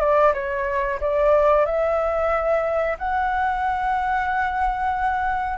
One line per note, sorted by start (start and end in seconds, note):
0.00 0.33 D5
0.34 1.00 C#5
1.00 1.66 D5
1.66 2.98 E5
2.99 5.58 F#5